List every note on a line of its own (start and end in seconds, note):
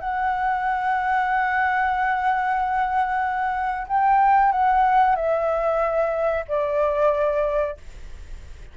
0.00 3.87 F#5
3.87 4.52 G5
4.52 5.16 F#5
5.16 6.45 E5
6.48 7.77 D5